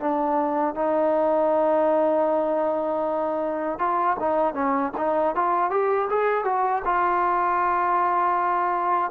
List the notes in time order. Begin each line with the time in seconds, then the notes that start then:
0.00 D4
0.75 D#4
3.79 F4
4.20 D#4
4.54 C#4
4.97 D#4
5.35 F4
5.71 G4
6.10 G#4
6.45 F#4
6.85 F4